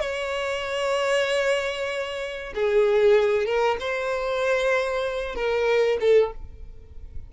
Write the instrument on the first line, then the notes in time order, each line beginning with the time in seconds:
violin
0.00 C#5
2.54 G#4
3.45 A#4
3.80 C5
5.35 A#4
6.00 A4